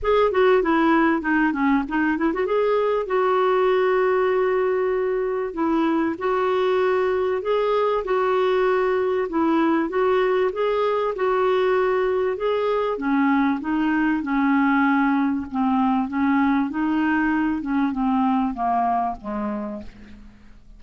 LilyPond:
\new Staff \with { instrumentName = "clarinet" } { \time 4/4 \tempo 4 = 97 gis'8 fis'8 e'4 dis'8 cis'8 dis'8 e'16 fis'16 | gis'4 fis'2.~ | fis'4 e'4 fis'2 | gis'4 fis'2 e'4 |
fis'4 gis'4 fis'2 | gis'4 cis'4 dis'4 cis'4~ | cis'4 c'4 cis'4 dis'4~ | dis'8 cis'8 c'4 ais4 gis4 | }